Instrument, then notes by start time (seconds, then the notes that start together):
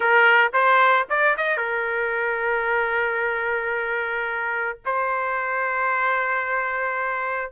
trumpet
0.00 A#4
0.53 C5
1.09 D5
1.37 D#5
1.57 A#4
4.85 C5